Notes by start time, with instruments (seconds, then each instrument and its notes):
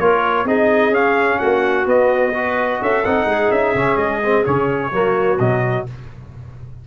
0.00 tuba A#3, trombone F4, clarinet A#4, trumpet C#5
0.45 tuba C4, trombone D#4, clarinet G#4, trumpet D#5
0.90 tuba C#4, trombone C#4, trumpet F5
1.39 tuba A#3, clarinet F#4, trumpet F#5
1.86 tuba B3, trombone B3, trumpet D#5
2.34 trombone F#4, clarinet B4
2.82 tuba C#4, clarinet A4, trumpet E5
3.05 tuba C4, trombone D#4, trumpet F#5
3.25 tuba G#3, clarinet G#4
3.51 tuba C#4, trumpet E5
3.75 tuba C#3, trombone C#4
3.97 tuba G#3, trumpet D#5
4.24 trombone C4
4.45 tuba C#3, trombone C#4, trumpet C#5
4.92 tuba F#3, trombone A#3, clarinet F#4
5.39 tuba B2, trombone F#3, trumpet D#5